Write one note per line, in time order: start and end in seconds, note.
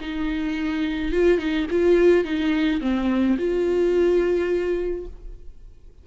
0.00 1.11 D#4
1.11 1.38 F4
1.38 1.66 D#4
1.71 2.24 F4
2.24 2.80 D#4
2.81 3.37 C4
3.37 5.06 F4